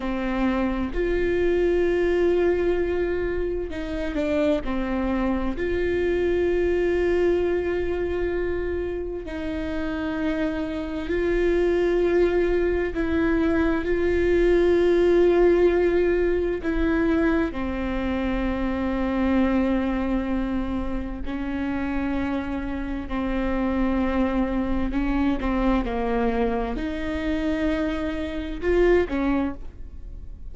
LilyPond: \new Staff \with { instrumentName = "viola" } { \time 4/4 \tempo 4 = 65 c'4 f'2. | dis'8 d'8 c'4 f'2~ | f'2 dis'2 | f'2 e'4 f'4~ |
f'2 e'4 c'4~ | c'2. cis'4~ | cis'4 c'2 cis'8 c'8 | ais4 dis'2 f'8 cis'8 | }